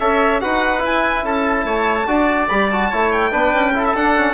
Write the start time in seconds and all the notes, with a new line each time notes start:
0.00 C#4 A4 C#5 E5
0.40 D#4 F#4 B4 F#5
0.78 E4
0.86 G#5
1.23 C#4 A4 A5
1.64 A3 C#5
2.07 D4 F#4 D5
2.48 G3 G4 B5
2.71 F#4 A5
2.89 A3 E4 C#5
3.12 G5
3.31 B3 D4 B4
3.53 C#4
3.74 E4 A4
3.85 E5
3.94 D4 F#5
4.17 C#4